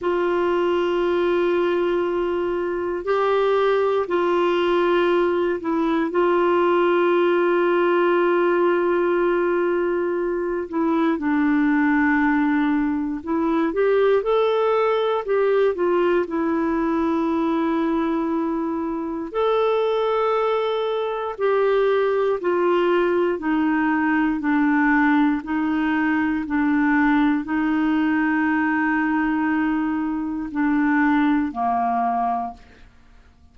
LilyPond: \new Staff \with { instrumentName = "clarinet" } { \time 4/4 \tempo 4 = 59 f'2. g'4 | f'4. e'8 f'2~ | f'2~ f'8 e'8 d'4~ | d'4 e'8 g'8 a'4 g'8 f'8 |
e'2. a'4~ | a'4 g'4 f'4 dis'4 | d'4 dis'4 d'4 dis'4~ | dis'2 d'4 ais4 | }